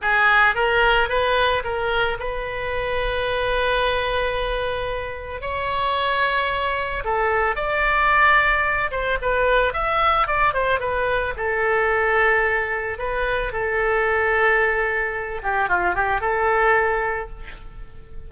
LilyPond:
\new Staff \with { instrumentName = "oboe" } { \time 4/4 \tempo 4 = 111 gis'4 ais'4 b'4 ais'4 | b'1~ | b'2 cis''2~ | cis''4 a'4 d''2~ |
d''8 c''8 b'4 e''4 d''8 c''8 | b'4 a'2. | b'4 a'2.~ | a'8 g'8 f'8 g'8 a'2 | }